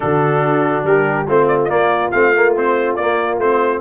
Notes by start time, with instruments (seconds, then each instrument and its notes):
0.00 tuba D3, trombone D4, horn F#4, trumpet A4
0.83 tuba G3, horn G4, trumpet A#4
1.27 tuba A3, trombone C4, horn F4, trumpet C5
1.47 trumpet D5
1.64 trombone A#3, tuba A#3, trumpet D5 D#5
2.11 tuba A3, trombone C4, trumpet F5
2.34 trombone A#3
2.55 trombone C4, trumpet C5
2.95 tuba A#3, trombone A#3, trumpet D5
3.38 tuba A3, trombone C4, trumpet C5